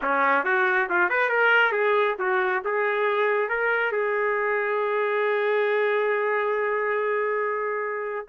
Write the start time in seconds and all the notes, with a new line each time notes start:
0.01 C#4
0.44 F#4
0.89 F4
1.09 B4
1.29 A#4
1.72 G#4
2.19 F#4
2.64 G#4
3.48 A#4
3.92 G#4